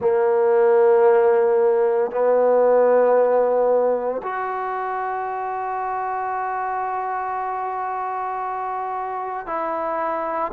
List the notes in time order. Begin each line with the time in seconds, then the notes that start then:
0.00 A#3
2.11 B3
4.22 F#4
9.46 E4